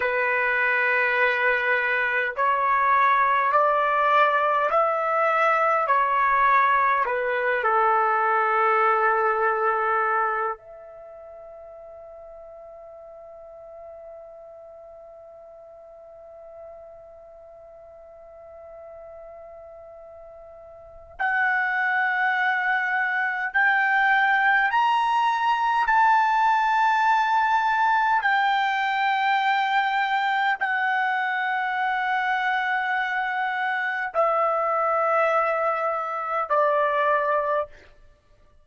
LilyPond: \new Staff \with { instrumentName = "trumpet" } { \time 4/4 \tempo 4 = 51 b'2 cis''4 d''4 | e''4 cis''4 b'8 a'4.~ | a'4 e''2.~ | e''1~ |
e''2 fis''2 | g''4 ais''4 a''2 | g''2 fis''2~ | fis''4 e''2 d''4 | }